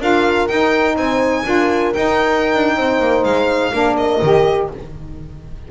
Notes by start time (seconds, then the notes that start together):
0.00 D4 F4 A#4 F5
0.48 D#4 G5
0.96 C4 C5 G#5
1.45 D4 F4 A#4
1.94 D#4 G5
2.55 D4
2.77 C4 C5
3.00 A#3
3.24 G#3 F5
3.73 A#3 D4 A#4
3.97 D#5
4.23 D#3 G4